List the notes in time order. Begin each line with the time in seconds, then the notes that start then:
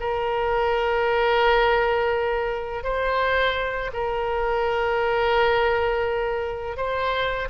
0.00 A#4
2.84 C5
3.93 A#4
6.77 C5